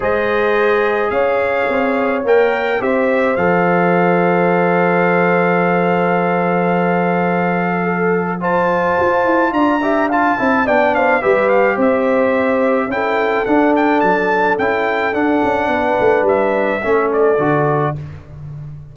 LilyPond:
<<
  \new Staff \with { instrumentName = "trumpet" } { \time 4/4 \tempo 4 = 107 dis''2 f''2 | g''4 e''4 f''2~ | f''1~ | f''2. a''4~ |
a''4 ais''4 a''4 g''8 f''8 | e''8 f''8 e''2 g''4 | fis''8 g''8 a''4 g''4 fis''4~ | fis''4 e''4. d''4. | }
  \new Staff \with { instrumentName = "horn" } { \time 4/4 c''2 cis''2~ | cis''4 c''2.~ | c''1~ | c''2 a'4 c''4~ |
c''4 d''8 e''8 f''8 e''8 d''8 c''8 | b'4 c''2 a'4~ | a'1 | b'2 a'2 | }
  \new Staff \with { instrumentName = "trombone" } { \time 4/4 gis'1 | ais'4 g'4 a'2~ | a'1~ | a'2. f'4~ |
f'4. g'8 f'8 e'8 d'4 | g'2. e'4 | d'2 e'4 d'4~ | d'2 cis'4 fis'4 | }
  \new Staff \with { instrumentName = "tuba" } { \time 4/4 gis2 cis'4 c'4 | ais4 c'4 f2~ | f1~ | f1 |
f'8 e'8 d'4. c'8 b4 | g4 c'2 cis'4 | d'4 fis4 cis'4 d'8 cis'8 | b8 a8 g4 a4 d4 | }
>>